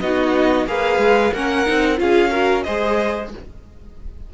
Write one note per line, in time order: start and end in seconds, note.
0.00 0.66 B3
0.00 0.67 D#4
0.00 0.68 F#4
0.00 0.66 D#5
0.66 0.98 A#3
0.66 1.33 G#4
0.66 1.33 B4
0.66 1.33 F5
0.98 1.31 G#3
1.33 1.67 A#3
1.33 1.66 C#4
1.33 1.99 A#4
1.33 1.99 F#5
1.66 2.00 C4
1.66 1.97 D#4
1.97 2.66 C#4
1.97 2.30 F4
1.97 2.30 G#4
1.97 2.63 F5
2.30 2.64 F#4
2.30 2.63 A#4
2.63 3.34 G#3
2.63 3.32 G#4
2.63 3.30 C5
2.63 3.29 D#5